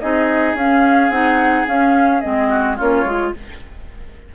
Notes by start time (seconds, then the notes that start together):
0.00 C4 D#4 G#4 D#5
0.54 C#4 F5
1.10 C4 D#4 F#5
1.67 C#4 F5
2.21 G#3 C4 D#5
2.49 F#4
2.76 A#3 C#4 F4 C#5
3.04 G#3 F4